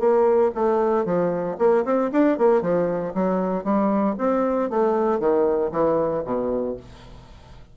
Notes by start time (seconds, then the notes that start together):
0.00 A#3
0.55 A3
1.06 F3
1.59 A#3
1.85 C4
2.13 D4
2.38 A#3
2.62 F3
3.15 F#3
3.64 G3
4.18 C4
4.70 A3
5.20 D#3
5.72 E3
6.25 B2